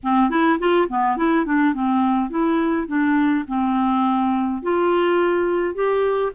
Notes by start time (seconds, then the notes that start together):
0.03 C4
0.30 E4
0.59 F4
0.88 B3
1.16 E4
1.45 D4
1.74 C4
2.30 E4
2.87 D4
3.47 C4
4.62 F4
5.74 G4